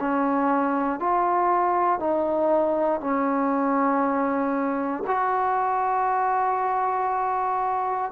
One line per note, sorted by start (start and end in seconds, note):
0.00 0.99 C#4
0.99 2.00 F4
2.00 3.00 D#4
3.00 5.03 C#4
5.07 8.11 F#4